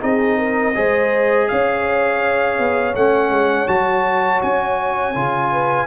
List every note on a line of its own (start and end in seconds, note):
0.00 0.76 C4
0.00 0.73 D#4
0.00 0.38 G#4
0.00 1.48 D#5
0.38 0.75 A#4
0.74 1.50 G#3
0.74 2.94 G#4
0.74 1.49 C5
1.48 2.58 C#4
1.48 5.52 C#5
1.48 2.94 F5
2.58 2.95 B3
2.95 3.29 A3
2.95 3.67 C#4
2.95 3.68 F#5
3.29 3.66 G#3
3.67 4.41 F#3
3.67 5.14 F#4
3.67 4.41 A5
4.42 5.15 C#4
4.42 5.86 G#5
5.15 5.86 C#3
5.15 5.86 F4
5.52 5.86 B4